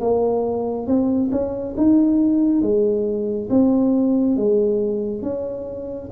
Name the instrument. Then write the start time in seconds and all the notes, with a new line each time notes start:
tuba
0.00 A#3
0.87 C4
1.31 C#4
1.77 D#4
2.62 G#3
3.49 C4
4.36 G#3
5.22 C#4